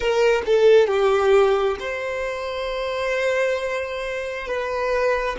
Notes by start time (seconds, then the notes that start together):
0.00 A#4
0.46 A4
0.87 G4
1.79 C5
4.47 B4